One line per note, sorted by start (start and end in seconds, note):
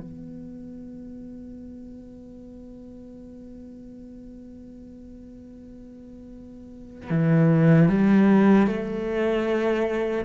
0.00 7.11 B3
7.11 7.89 E3
7.89 8.67 G3
8.67 10.25 A3